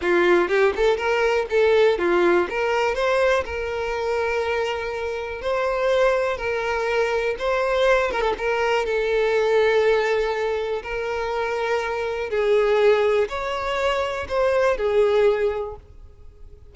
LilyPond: \new Staff \with { instrumentName = "violin" } { \time 4/4 \tempo 4 = 122 f'4 g'8 a'8 ais'4 a'4 | f'4 ais'4 c''4 ais'4~ | ais'2. c''4~ | c''4 ais'2 c''4~ |
c''8 ais'16 a'16 ais'4 a'2~ | a'2 ais'2~ | ais'4 gis'2 cis''4~ | cis''4 c''4 gis'2 | }